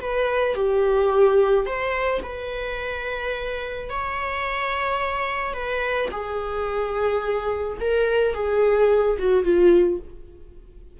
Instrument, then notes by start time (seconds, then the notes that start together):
viola
0.00 B4
0.55 G4
1.66 C5
2.23 B4
3.90 C#5
5.53 B4
6.11 G#4
7.80 A#4
8.34 G#4
9.18 F#4
9.44 F4